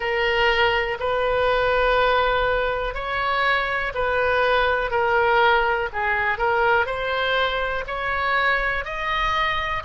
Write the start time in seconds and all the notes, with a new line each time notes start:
0.00 A#4
0.99 B4
2.94 C#5
3.94 B4
4.90 A#4
5.92 G#4
6.38 A#4
6.85 C5
7.87 C#5
8.84 D#5